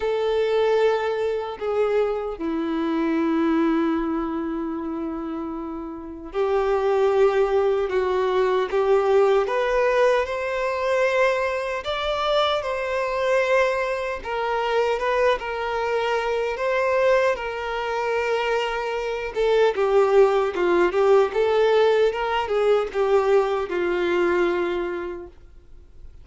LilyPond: \new Staff \with { instrumentName = "violin" } { \time 4/4 \tempo 4 = 76 a'2 gis'4 e'4~ | e'1 | g'2 fis'4 g'4 | b'4 c''2 d''4 |
c''2 ais'4 b'8 ais'8~ | ais'4 c''4 ais'2~ | ais'8 a'8 g'4 f'8 g'8 a'4 | ais'8 gis'8 g'4 f'2 | }